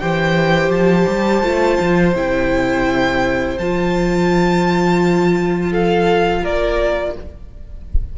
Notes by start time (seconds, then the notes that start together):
0.00 E3 G4 C5 G5
0.70 F3 A5
1.08 G3
1.43 A3 F4
1.81 F3
2.15 C3 E4 G5
3.59 F3 F4 A5
5.70 A4 F5
6.42 A#3 A#4 D5